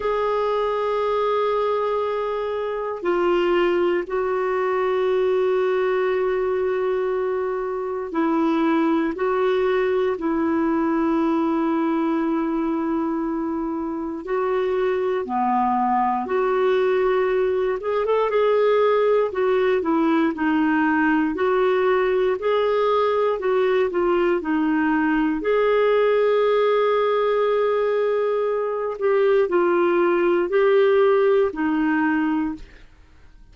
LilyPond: \new Staff \with { instrumentName = "clarinet" } { \time 4/4 \tempo 4 = 59 gis'2. f'4 | fis'1 | e'4 fis'4 e'2~ | e'2 fis'4 b4 |
fis'4. gis'16 a'16 gis'4 fis'8 e'8 | dis'4 fis'4 gis'4 fis'8 f'8 | dis'4 gis'2.~ | gis'8 g'8 f'4 g'4 dis'4 | }